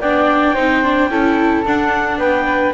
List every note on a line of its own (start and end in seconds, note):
0.00 0.55 B3
0.00 0.57 D4
0.00 0.55 D5
0.00 1.64 G5
0.55 1.10 C4
0.55 0.83 D#4
0.55 1.09 C5
0.83 1.10 D4
1.10 1.64 C#4
1.10 1.65 E4
1.10 2.19 A4
1.66 2.18 D4
1.66 2.74 D4
1.66 2.19 F#5
2.18 2.72 B3
2.18 2.74 B4
2.18 2.74 G5